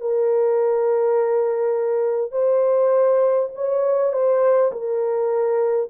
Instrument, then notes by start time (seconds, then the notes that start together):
horn
0.00 A#4
2.31 C5
3.55 C#5
4.12 C5
4.72 A#4